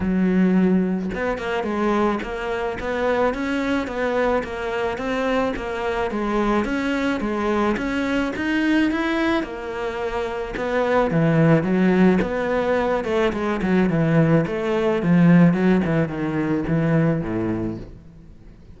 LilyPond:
\new Staff \with { instrumentName = "cello" } { \time 4/4 \tempo 4 = 108 fis2 b8 ais8 gis4 | ais4 b4 cis'4 b4 | ais4 c'4 ais4 gis4 | cis'4 gis4 cis'4 dis'4 |
e'4 ais2 b4 | e4 fis4 b4. a8 | gis8 fis8 e4 a4 f4 | fis8 e8 dis4 e4 a,4 | }